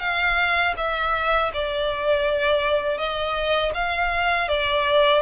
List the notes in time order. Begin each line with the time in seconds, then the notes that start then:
0.00 F5
0.77 E5
1.53 D5
2.98 D#5
3.74 F5
4.48 D5